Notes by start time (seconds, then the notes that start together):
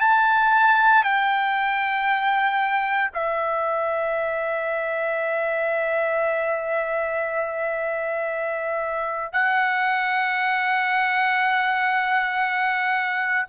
0.00 A5
1.04 G5
3.14 E5
9.32 F#5